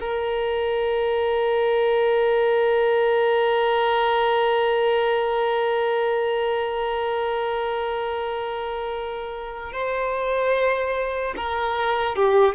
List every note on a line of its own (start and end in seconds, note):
0.00 9.72 A#4
9.72 11.34 C5
11.36 12.16 A#4
12.16 12.55 G4